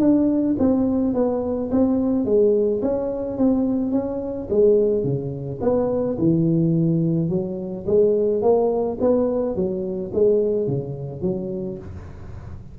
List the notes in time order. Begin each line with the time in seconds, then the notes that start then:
0.00 D4
0.59 C4
1.14 B3
1.71 C4
2.25 G#3
2.82 C#4
3.38 C4
3.92 C#4
4.50 G#3
5.04 C#3
5.62 B3
6.18 E3
7.29 F#3
7.87 G#3
8.42 A#3
9.01 B3
9.56 F#3
10.13 G#3
10.67 C#3
11.22 F#3